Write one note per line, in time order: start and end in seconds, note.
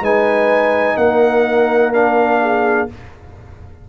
0.00 0.95 G#3
0.00 1.93 D#4
0.00 0.97 B4
0.00 0.97 G#5
0.96 2.87 A#3
0.96 2.40 A#4
0.96 1.92 F#5
1.93 2.88 D4
1.93 2.88 F5
2.41 2.88 G#4